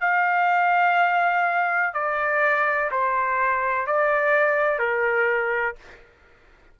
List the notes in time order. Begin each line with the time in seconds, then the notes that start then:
0.00 F5
1.93 D5
2.91 C5
3.87 D5
4.79 A#4